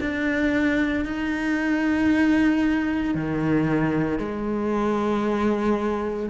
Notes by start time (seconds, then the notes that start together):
0.00 D4
1.04 D#4
3.14 D#3
4.18 G#3